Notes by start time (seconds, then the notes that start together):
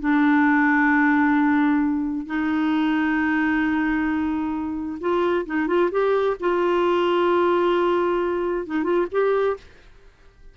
0.00 D4
2.26 D#4
5.00 F4
5.46 D#4
5.67 F4
5.91 G4
6.40 F4
8.67 D#4
8.83 F4
9.12 G4